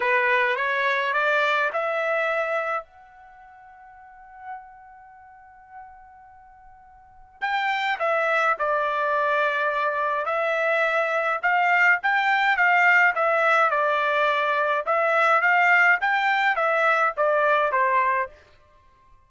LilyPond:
\new Staff \with { instrumentName = "trumpet" } { \time 4/4 \tempo 4 = 105 b'4 cis''4 d''4 e''4~ | e''4 fis''2.~ | fis''1~ | fis''4 g''4 e''4 d''4~ |
d''2 e''2 | f''4 g''4 f''4 e''4 | d''2 e''4 f''4 | g''4 e''4 d''4 c''4 | }